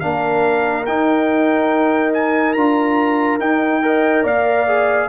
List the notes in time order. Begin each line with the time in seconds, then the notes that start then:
0.00 A#3 D4 A#4 F5
0.86 D#4 G5
2.14 G#5
2.53 D4 F4 A#5
3.39 D#4 G5
3.83 A#4 D#5
4.24 A#3 D5 F5
4.68 G#4